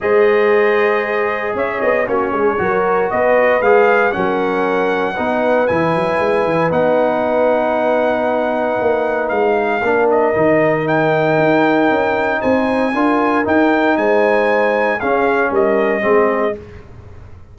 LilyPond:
<<
  \new Staff \with { instrumentName = "trumpet" } { \time 4/4 \tempo 4 = 116 dis''2. e''8 dis''8 | cis''2 dis''4 f''4 | fis''2. gis''4~ | gis''4 fis''2.~ |
fis''2 f''4. dis''8~ | dis''4 g''2. | gis''2 g''4 gis''4~ | gis''4 f''4 dis''2 | }
  \new Staff \with { instrumentName = "horn" } { \time 4/4 c''2. cis''4 | fis'8 gis'8 ais'4 b'2 | ais'2 b'2~ | b'1~ |
b'2. ais'4~ | ais'1 | c''4 ais'2 c''4~ | c''4 gis'4 ais'4 gis'4 | }
  \new Staff \with { instrumentName = "trombone" } { \time 4/4 gis'1 | cis'4 fis'2 gis'4 | cis'2 dis'4 e'4~ | e'4 dis'2.~ |
dis'2. d'4 | dis'1~ | dis'4 f'4 dis'2~ | dis'4 cis'2 c'4 | }
  \new Staff \with { instrumentName = "tuba" } { \time 4/4 gis2. cis'8 b8 | ais8 gis8 fis4 b4 gis4 | fis2 b4 e8 fis8 | gis8 e8 b2.~ |
b4 ais4 gis4 ais4 | dis2 dis'4 cis'4 | c'4 d'4 dis'4 gis4~ | gis4 cis'4 g4 gis4 | }
>>